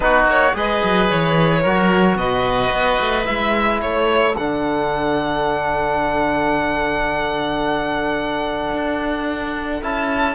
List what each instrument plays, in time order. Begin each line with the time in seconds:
0.00 cello B3, trombone D#4, oboe F#4, violin B4
0.26 cello A#3, violin C#5
0.52 cello G#3, trombone G#4, oboe B4, violin D#5
0.83 cello F#3
1.10 cello E3, violin C#5
1.62 cello F#3, trombone F#4, oboe A#4
2.15 cello B2, oboe B4, violin D#5
2.71 cello B3
3.00 cello A3
3.24 cello G#3, trombone E4, violin E5
3.81 cello A3, oboe A4, violin C#5
4.36 cello D3, trombone D4, violin F#5
8.72 cello D4
9.81 cello C#4, trombone E4, violin A5